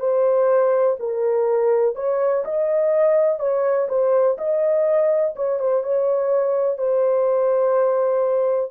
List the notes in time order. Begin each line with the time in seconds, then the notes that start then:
0.00 C5
1.00 A#4
1.96 C#5
2.45 D#5
3.40 C#5
3.89 C5
4.38 D#5
5.36 C#5
5.60 C5
5.84 C#5
6.78 C5